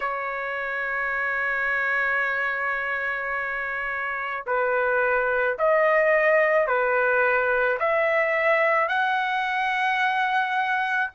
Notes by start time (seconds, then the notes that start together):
0.00 C#5
4.46 B4
5.58 D#5
6.67 B4
7.79 E5
8.88 F#5